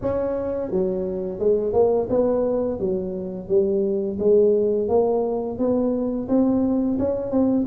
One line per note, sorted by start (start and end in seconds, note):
0.01 0.70 C#4
0.70 1.39 F#3
1.39 1.73 G#3
1.73 2.08 A#3
2.09 2.79 B3
2.79 3.48 F#3
3.48 4.18 G3
4.19 4.88 G#3
4.88 5.58 A#3
5.58 6.28 B3
6.28 6.98 C4
6.98 7.31 C#4
7.31 7.66 C4